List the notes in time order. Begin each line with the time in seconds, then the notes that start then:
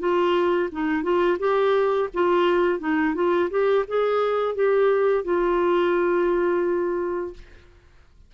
0.00 F4
0.72 D#4
1.03 F4
1.40 G4
2.14 F4
2.80 D#4
3.15 F4
3.51 G4
3.88 G#4
4.55 G4
5.25 F4